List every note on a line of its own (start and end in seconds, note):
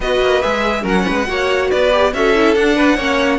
0.00 0.20 B3
0.00 0.42 F#4
0.00 0.81 B4
0.00 0.41 D#5
0.20 0.42 A#3
0.41 0.84 G#3
0.41 0.81 G#4
0.41 0.84 E5
0.81 1.05 F#3
0.81 1.24 C#4
0.81 1.03 A#4
0.88 1.70 F#5
1.07 1.28 G#3
1.07 1.28 B4
1.27 1.71 A#3
1.27 1.91 F#4
1.27 1.70 C#5
1.70 2.13 B3
1.70 2.12 B4
1.70 2.13 D5
1.91 2.12 G4
2.13 2.55 C#4
2.13 2.34 F#4
2.13 2.76 A4
2.13 2.54 E5
2.34 2.55 E4
2.54 2.97 D4
2.54 3.39 F#5
2.76 2.96 B4
2.96 3.39 A#3
2.96 3.39 C#4
2.96 3.38 C#5